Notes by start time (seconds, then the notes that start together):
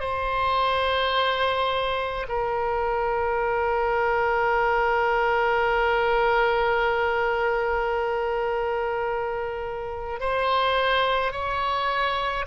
0.00 C5
2.28 A#4
10.20 C5
11.32 C#5